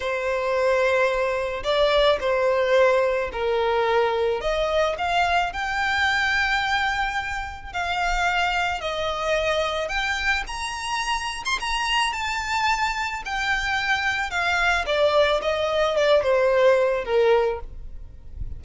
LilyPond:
\new Staff \with { instrumentName = "violin" } { \time 4/4 \tempo 4 = 109 c''2. d''4 | c''2 ais'2 | dis''4 f''4 g''2~ | g''2 f''2 |
dis''2 g''4 ais''4~ | ais''8. c'''16 ais''4 a''2 | g''2 f''4 d''4 | dis''4 d''8 c''4. ais'4 | }